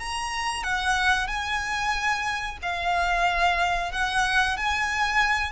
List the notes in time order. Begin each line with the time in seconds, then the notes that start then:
0.00 A#5
0.64 F#5
1.28 G#5
2.63 F5
3.92 F#5
4.58 G#5